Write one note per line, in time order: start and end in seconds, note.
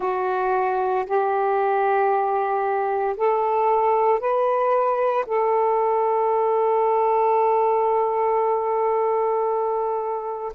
0.00 1.05 F#4
1.05 3.16 G4
3.16 4.19 A4
4.19 5.24 B4
5.26 10.53 A4